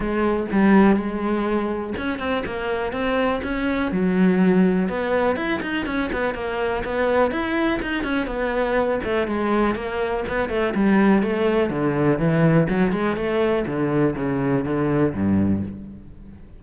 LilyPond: \new Staff \with { instrumentName = "cello" } { \time 4/4 \tempo 4 = 123 gis4 g4 gis2 | cis'8 c'8 ais4 c'4 cis'4 | fis2 b4 e'8 dis'8 | cis'8 b8 ais4 b4 e'4 |
dis'8 cis'8 b4. a8 gis4 | ais4 b8 a8 g4 a4 | d4 e4 fis8 gis8 a4 | d4 cis4 d4 g,4 | }